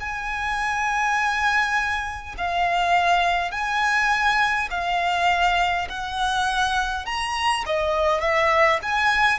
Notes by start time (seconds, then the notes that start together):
0.00 G#5
2.38 F5
3.51 G#5
4.71 F5
5.89 F#5
7.06 A#5
7.66 D#5
8.21 E5
8.82 G#5